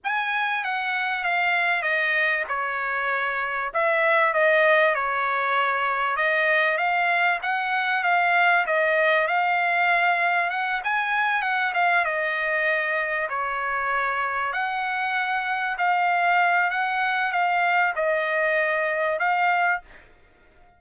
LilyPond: \new Staff \with { instrumentName = "trumpet" } { \time 4/4 \tempo 4 = 97 gis''4 fis''4 f''4 dis''4 | cis''2 e''4 dis''4 | cis''2 dis''4 f''4 | fis''4 f''4 dis''4 f''4~ |
f''4 fis''8 gis''4 fis''8 f''8 dis''8~ | dis''4. cis''2 fis''8~ | fis''4. f''4. fis''4 | f''4 dis''2 f''4 | }